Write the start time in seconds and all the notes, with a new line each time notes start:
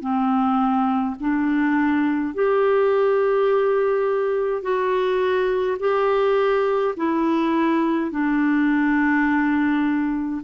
0.00 C4
1.20 D4
2.34 G4
4.62 F#4
5.79 G4
6.97 E4
8.11 D4